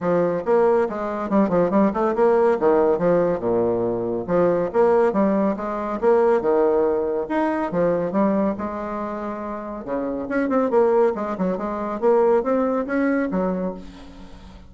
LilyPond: \new Staff \with { instrumentName = "bassoon" } { \time 4/4 \tempo 4 = 140 f4 ais4 gis4 g8 f8 | g8 a8 ais4 dis4 f4 | ais,2 f4 ais4 | g4 gis4 ais4 dis4~ |
dis4 dis'4 f4 g4 | gis2. cis4 | cis'8 c'8 ais4 gis8 fis8 gis4 | ais4 c'4 cis'4 fis4 | }